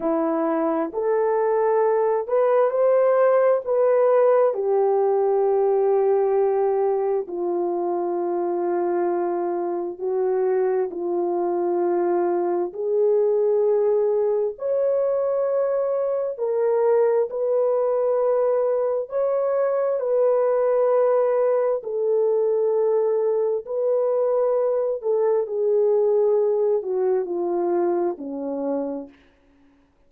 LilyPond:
\new Staff \with { instrumentName = "horn" } { \time 4/4 \tempo 4 = 66 e'4 a'4. b'8 c''4 | b'4 g'2. | f'2. fis'4 | f'2 gis'2 |
cis''2 ais'4 b'4~ | b'4 cis''4 b'2 | a'2 b'4. a'8 | gis'4. fis'8 f'4 cis'4 | }